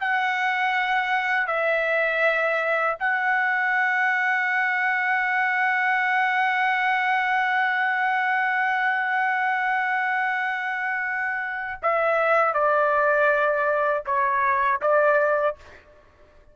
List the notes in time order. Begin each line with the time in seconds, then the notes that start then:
0.00 F#5
1.47 E5
2.99 F#5
11.82 E5
12.54 D5
14.06 C#5
14.81 D5